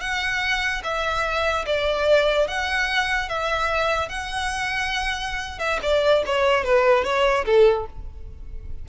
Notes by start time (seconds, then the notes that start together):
0.00 F#5
0.83 E5
1.66 D5
2.47 F#5
3.29 E5
4.09 F#5
5.59 E5
5.82 D5
6.26 C#5
6.64 B4
7.04 C#5
7.45 A4